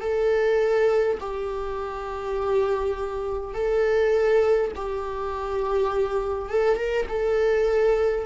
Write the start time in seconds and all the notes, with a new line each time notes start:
0.00 A4
1.20 G4
3.53 A4
4.75 G4
6.49 A4
6.76 A#4
7.08 A4